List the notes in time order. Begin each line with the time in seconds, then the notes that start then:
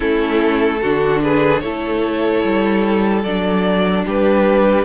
0.00 A3 C#4 E4 A4
0.81 D3 D4 F#4
1.22 G#4 B4
1.59 A3 E4 A4 C#5
2.43 G3
3.23 F#3 D4 D5
4.05 G3 G4 B4